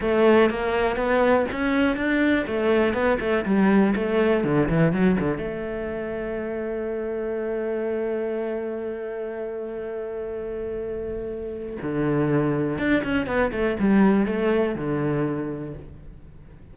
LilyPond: \new Staff \with { instrumentName = "cello" } { \time 4/4 \tempo 4 = 122 a4 ais4 b4 cis'4 | d'4 a4 b8 a8 g4 | a4 d8 e8 fis8 d8 a4~ | a1~ |
a1~ | a1 | d2 d'8 cis'8 b8 a8 | g4 a4 d2 | }